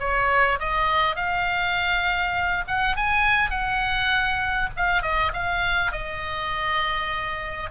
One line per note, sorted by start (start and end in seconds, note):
0.00 0.60 C#5
0.60 1.16 D#5
1.16 2.65 F5
2.68 2.97 F#5
2.97 3.50 G#5
3.50 4.69 F#5
4.77 5.03 F5
5.03 5.32 D#5
5.34 5.92 F5
5.92 7.70 D#5